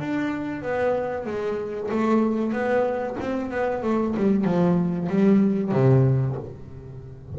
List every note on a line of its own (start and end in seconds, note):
0.00 0.63 D4
0.63 1.26 B3
1.26 1.90 G#3
1.91 2.53 A3
2.53 3.17 B3
3.21 3.51 C4
3.51 3.83 B3
3.83 4.15 A3
4.17 4.45 G3
4.45 5.09 F3
5.09 5.72 G3
5.72 6.36 C3